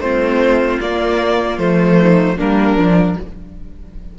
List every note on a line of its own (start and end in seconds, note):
0.00 0.79 A3
0.00 0.82 C4
0.00 2.00 F4
0.00 0.80 C5
0.81 1.58 A#3
0.81 1.59 A#3
0.81 1.59 D5
1.58 2.37 F3
1.58 2.38 A3
1.58 2.38 C5
2.01 2.37 D#4
2.37 2.77 G3
2.37 2.78 A#3
2.37 3.15 D4
2.37 3.19 A#4
2.77 3.17 F3
2.77 3.17 D4